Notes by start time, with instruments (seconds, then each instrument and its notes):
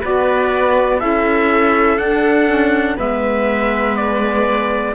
0.00 cello B3, saxophone F#4, viola B4, trumpet D5
1.00 cello C#4, saxophone E4, viola A4, trumpet E5
1.98 cello D4, saxophone D4, trumpet F#5
2.49 saxophone C#4
2.97 cello G#3, saxophone B3, viola B4, trumpet E5
3.96 trumpet D5